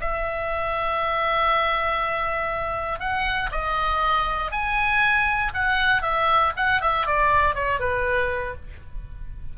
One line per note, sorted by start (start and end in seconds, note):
0.00 2.99 E5
2.99 3.50 F#5
3.51 4.51 D#5
4.51 5.52 G#5
5.53 6.02 F#5
6.02 6.52 E5
6.56 6.81 F#5
6.81 7.06 E5
7.06 7.55 D5
7.55 7.79 C#5
7.79 8.55 B4